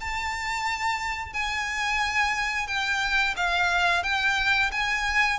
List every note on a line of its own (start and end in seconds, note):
0.00 1.33 A5
1.33 2.67 G#5
2.67 3.34 G5
3.36 4.03 F5
4.03 4.70 G5
4.71 5.39 G#5